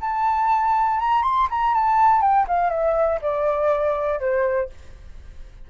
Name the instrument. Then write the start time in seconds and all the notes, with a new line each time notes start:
flute
0.00 A5
0.99 A#5
1.22 C6
1.50 A#5
1.74 A5
2.21 G5
2.47 F5
2.69 E5
3.21 D5
4.19 C5